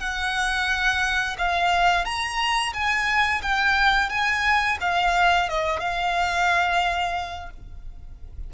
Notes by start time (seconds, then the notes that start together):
0.00 F#5
1.39 F5
2.05 A#5
2.74 G#5
3.42 G5
4.10 G#5
4.81 F5
5.49 D#5
5.80 F5